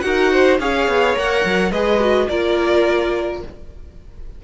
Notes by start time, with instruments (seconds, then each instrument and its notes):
0.00 cello D#4, viola F#4, violin A#4 F#5
0.32 violin C5
0.59 cello C#4, viola G#4, violin C#5 F5
0.87 cello B3
1.16 cello A#3, viola A#4, violin F#5
1.44 cello F#3
1.71 cello G#3, viola G#4, violin B4 D#5
1.99 viola F#4
2.28 cello A#3, viola F4, violin A#4 D5